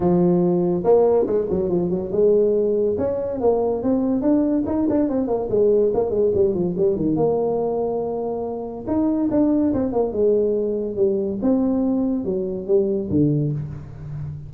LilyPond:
\new Staff \with { instrumentName = "tuba" } { \time 4/4 \tempo 4 = 142 f2 ais4 gis8 fis8 | f8 fis8 gis2 cis'4 | ais4 c'4 d'4 dis'8 d'8 | c'8 ais8 gis4 ais8 gis8 g8 f8 |
g8 dis8 ais2.~ | ais4 dis'4 d'4 c'8 ais8 | gis2 g4 c'4~ | c'4 fis4 g4 d4 | }